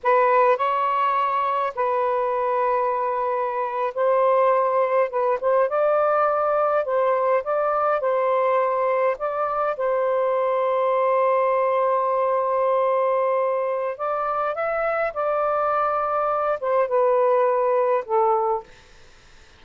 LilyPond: \new Staff \with { instrumentName = "saxophone" } { \time 4/4 \tempo 4 = 103 b'4 cis''2 b'4~ | b'2~ b'8. c''4~ c''16~ | c''8. b'8 c''8 d''2 c''16~ | c''8. d''4 c''2 d''16~ |
d''8. c''2.~ c''16~ | c''1 | d''4 e''4 d''2~ | d''8 c''8 b'2 a'4 | }